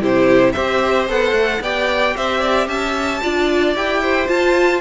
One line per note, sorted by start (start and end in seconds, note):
0.00 0.54 C3
0.00 0.54 E4
0.00 0.53 G4
0.00 0.52 C5
0.52 1.09 C4
0.52 1.08 G4
0.52 1.61 C5
0.52 1.06 E5
1.08 1.32 B3
1.08 1.62 A4
1.08 1.63 F#5
1.32 1.58 A3
1.60 2.14 B3
1.60 3.22 G4
1.60 2.16 D5
1.60 2.16 G5
2.16 2.67 C4
2.16 2.40 C5
2.16 2.68 E5
2.40 2.67 D5
2.67 3.21 C#4
2.67 3.21 E5
2.67 3.75 A5
3.22 3.75 D4
3.22 3.75 F4
3.22 4.02 D5
3.75 4.29 E4
3.75 4.26 G4
3.75 4.28 G5
4.02 4.81 C5
4.26 4.80 F4
4.26 4.81 F4
4.26 4.81 A5